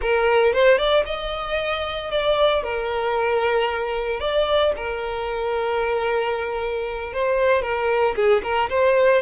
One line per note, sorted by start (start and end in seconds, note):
0.01 0.53 A#4
0.53 0.78 C5
0.78 1.04 D5
1.05 2.11 D#5
2.11 2.63 D5
2.63 4.20 A#4
4.20 4.72 D5
4.76 7.13 A#4
7.13 7.62 C5
7.62 8.14 A#4
8.15 8.42 G#4
8.43 8.69 A#4
8.69 9.22 C5